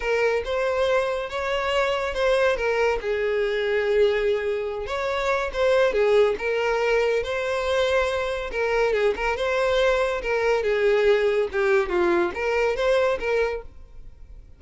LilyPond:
\new Staff \with { instrumentName = "violin" } { \time 4/4 \tempo 4 = 141 ais'4 c''2 cis''4~ | cis''4 c''4 ais'4 gis'4~ | gis'2.~ gis'8 cis''8~ | cis''4 c''4 gis'4 ais'4~ |
ais'4 c''2. | ais'4 gis'8 ais'8 c''2 | ais'4 gis'2 g'4 | f'4 ais'4 c''4 ais'4 | }